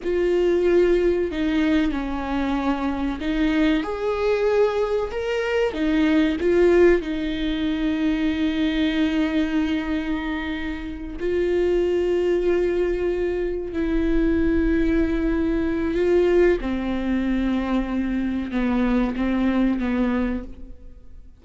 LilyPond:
\new Staff \with { instrumentName = "viola" } { \time 4/4 \tempo 4 = 94 f'2 dis'4 cis'4~ | cis'4 dis'4 gis'2 | ais'4 dis'4 f'4 dis'4~ | dis'1~ |
dis'4. f'2~ f'8~ | f'4. e'2~ e'8~ | e'4 f'4 c'2~ | c'4 b4 c'4 b4 | }